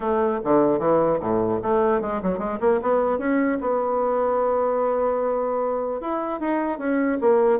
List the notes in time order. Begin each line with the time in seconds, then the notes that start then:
0.00 A3
0.44 D3
0.79 E3
1.20 A2
1.62 A3
2.01 G#3
2.22 F#3
2.38 G#3
2.60 A#3
2.82 B3
3.18 C#4
3.60 B3
6.01 E4
6.40 D#4
6.78 C#4
7.21 A#3